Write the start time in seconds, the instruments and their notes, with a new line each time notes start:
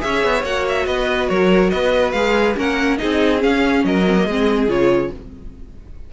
0.00 cello C#4, viola G#4, violin C#5 E5
0.24 cello B3
0.44 cello A#3, viola F#4, violin F#5
0.69 violin E5
0.87 cello B3, violin B4 D#5
1.29 cello F#3, violin A#4 C#5
1.70 cello B3, violin B4 D#5
2.12 cello G#3, viola G#4, violin F5
2.56 cello A#3, viola C#4, violin A#4 F#5
2.98 cello C4, viola D#4, violin G#4 D#5
3.38 viola C#4, violin F5
3.45 cello C#4
3.84 cello F#3, violin A#4 D#5
4.07 viola C4
4.17 viola A#3
4.26 cello G#3, viola C4, violin G#4
4.68 cello C#3, viola F4, violin C#5